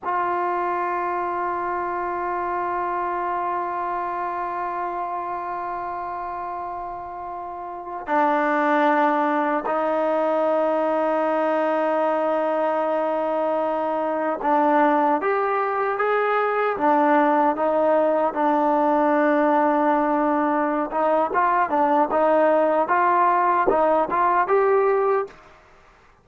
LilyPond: \new Staff \with { instrumentName = "trombone" } { \time 4/4 \tempo 4 = 76 f'1~ | f'1~ | f'2~ f'16 d'4.~ d'16~ | d'16 dis'2.~ dis'8.~ |
dis'2~ dis'16 d'4 g'8.~ | g'16 gis'4 d'4 dis'4 d'8.~ | d'2~ d'8 dis'8 f'8 d'8 | dis'4 f'4 dis'8 f'8 g'4 | }